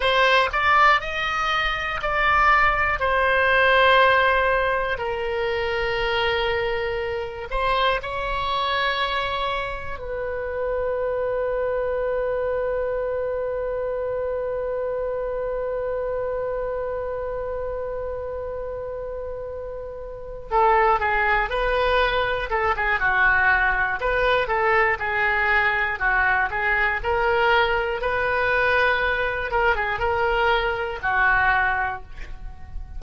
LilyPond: \new Staff \with { instrumentName = "oboe" } { \time 4/4 \tempo 4 = 60 c''8 d''8 dis''4 d''4 c''4~ | c''4 ais'2~ ais'8 c''8 | cis''2 b'2~ | b'1~ |
b'1~ | b'8 a'8 gis'8 b'4 a'16 gis'16 fis'4 | b'8 a'8 gis'4 fis'8 gis'8 ais'4 | b'4. ais'16 gis'16 ais'4 fis'4 | }